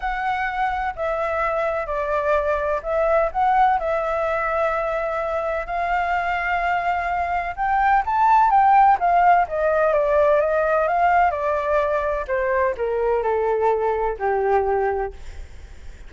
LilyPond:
\new Staff \with { instrumentName = "flute" } { \time 4/4 \tempo 4 = 127 fis''2 e''2 | d''2 e''4 fis''4 | e''1 | f''1 |
g''4 a''4 g''4 f''4 | dis''4 d''4 dis''4 f''4 | d''2 c''4 ais'4 | a'2 g'2 | }